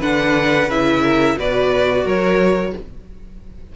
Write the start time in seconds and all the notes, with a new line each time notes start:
0.00 D3 D4 B4 F#5
0.68 C#3 E4 E5
1.02 A#4
1.38 B2 F#4 B4 D5
2.04 F#3 A#4 C#5